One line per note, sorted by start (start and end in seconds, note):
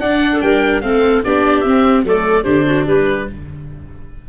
0.00 0.41 D4
0.00 0.83 D4
0.00 0.31 D5
0.00 0.41 F#5
0.33 0.43 A4
0.41 0.83 G3
0.41 0.83 A#4
0.41 0.81 G5
0.81 1.24 A3
0.81 1.23 C4
0.81 1.24 A4
0.81 1.22 F5
1.24 1.64 B3
1.24 1.65 D4
1.24 2.05 G4
1.24 1.61 D5
1.61 2.04 C4
1.61 2.06 C4
1.61 2.01 E5
2.04 2.44 F#3
2.04 2.45 A3
2.04 2.44 A4
2.04 2.44 D5
2.44 2.87 D3
2.44 3.26 D4
2.44 2.64 G4
2.44 2.85 C5
2.66 2.86 F#4
2.86 3.29 G3
2.86 3.27 G4
2.86 3.29 B4